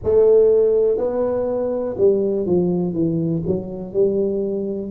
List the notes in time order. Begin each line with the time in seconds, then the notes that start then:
0.03 A3
0.97 B3
1.97 G3
2.45 F3
2.93 E3
3.46 F#3
3.93 G3